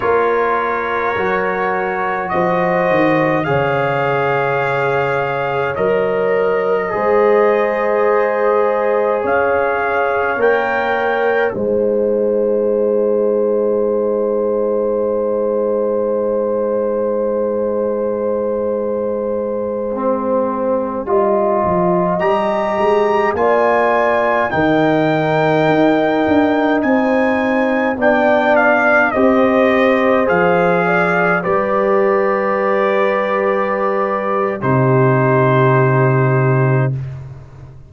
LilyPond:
<<
  \new Staff \with { instrumentName = "trumpet" } { \time 4/4 \tempo 4 = 52 cis''2 dis''4 f''4~ | f''4 dis''2. | f''4 g''4 gis''2~ | gis''1~ |
gis''2.~ gis''16 ais''8.~ | ais''16 gis''4 g''2 gis''8.~ | gis''16 g''8 f''8 dis''4 f''4 d''8.~ | d''2 c''2 | }
  \new Staff \with { instrumentName = "horn" } { \time 4/4 ais'2 c''4 cis''4~ | cis''2 c''2 | cis''2 c''2~ | c''1~ |
c''2~ c''16 dis''4.~ dis''16~ | dis''16 d''4 ais'2 c''8.~ | c''16 d''4 c''4. d''8 b'8.~ | b'2 g'2 | }
  \new Staff \with { instrumentName = "trombone" } { \time 4/4 f'4 fis'2 gis'4~ | gis'4 ais'4 gis'2~ | gis'4 ais'4 dis'2~ | dis'1~ |
dis'4~ dis'16 c'4 f'4 g'8.~ | g'16 f'4 dis'2~ dis'8.~ | dis'16 d'4 g'4 gis'4 g'8.~ | g'2 dis'2 | }
  \new Staff \with { instrumentName = "tuba" } { \time 4/4 ais4 fis4 f8 dis8 cis4~ | cis4 fis4 gis2 | cis'4 ais4 gis2~ | gis1~ |
gis2~ gis16 g8 f8 g8 gis16~ | gis16 ais4 dis4 dis'8 d'8 c'8.~ | c'16 b4 c'4 f4 g8.~ | g2 c2 | }
>>